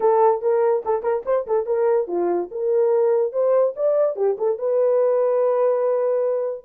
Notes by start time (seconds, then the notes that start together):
0.00 A4
0.41 A#4
0.85 A4
1.02 A#4
1.25 C5
1.46 A4
1.66 A#4
2.07 F4
2.51 A#4
3.32 C5
3.76 D5
4.16 G4
4.37 A4
4.58 B4